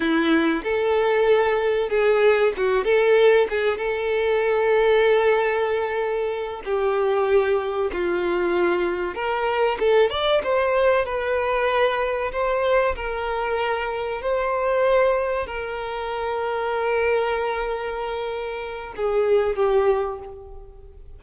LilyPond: \new Staff \with { instrumentName = "violin" } { \time 4/4 \tempo 4 = 95 e'4 a'2 gis'4 | fis'8 a'4 gis'8 a'2~ | a'2~ a'8 g'4.~ | g'8 f'2 ais'4 a'8 |
d''8 c''4 b'2 c''8~ | c''8 ais'2 c''4.~ | c''8 ais'2.~ ais'8~ | ais'2 gis'4 g'4 | }